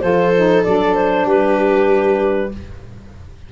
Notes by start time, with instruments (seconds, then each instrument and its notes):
0.00 tuba F3, saxophone F4, viola A4, clarinet C5
0.35 saxophone D#4
0.63 tuba F#3, saxophone D4, clarinet D5
0.94 clarinet C5
1.24 tuba G3, viola G4, clarinet B4